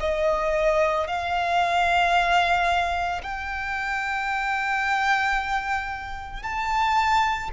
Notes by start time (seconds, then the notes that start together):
0.00 D#5
1.07 F5
3.22 G5
6.42 A5